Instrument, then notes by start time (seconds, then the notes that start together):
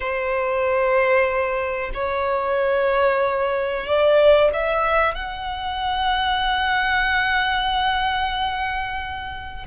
violin
0.00 C5
1.94 C#5
3.86 D5
4.53 E5
5.14 F#5